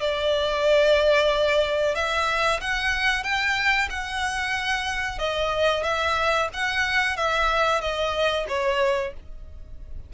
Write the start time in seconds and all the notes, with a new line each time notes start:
0.00 D5
1.95 E5
2.61 F#5
3.23 G5
3.90 F#5
5.18 D#5
5.83 E5
6.53 F#5
7.16 E5
7.81 D#5
8.48 C#5